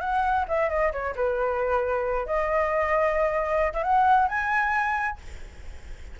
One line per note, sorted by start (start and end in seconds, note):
0.00 0.45 F#5
0.48 0.69 E5
0.69 0.92 D#5
0.92 1.14 C#5
1.15 2.26 B4
2.26 3.73 D#5
3.73 3.83 E5
3.83 4.28 F#5
4.28 5.18 G#5